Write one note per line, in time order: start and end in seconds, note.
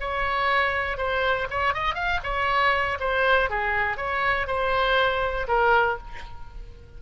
0.00 0.97 C#5
0.97 1.47 C5
1.50 1.74 C#5
1.74 1.95 D#5
1.95 2.20 F5
2.23 2.98 C#5
3.00 3.50 C5
3.50 3.97 G#4
3.97 4.47 C#5
4.47 5.47 C5
5.47 5.97 A#4